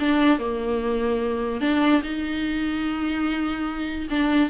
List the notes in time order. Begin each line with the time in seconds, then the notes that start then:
0.00 D4
0.39 A#3
1.61 D4
2.03 D#4
4.10 D4